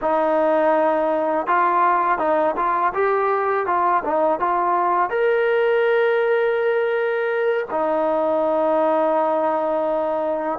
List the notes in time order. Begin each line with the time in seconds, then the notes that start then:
0.01 D#4
1.46 F4
2.18 D#4
2.56 F4
2.94 G4
3.66 F4
4.04 D#4
4.39 F4
5.10 A#4
7.70 D#4